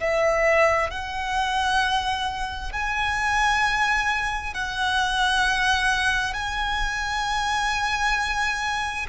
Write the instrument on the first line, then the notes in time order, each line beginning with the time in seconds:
violin
0.00 E5
0.90 F#5
2.72 G#5
4.54 F#5
6.34 G#5